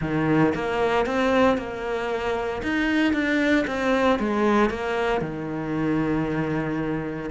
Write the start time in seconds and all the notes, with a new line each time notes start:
0.01 D#3
0.54 A#3
1.06 C4
1.57 A#3
2.62 D#4
3.13 D4
3.67 C4
4.19 G#3
4.70 A#3
5.21 D#3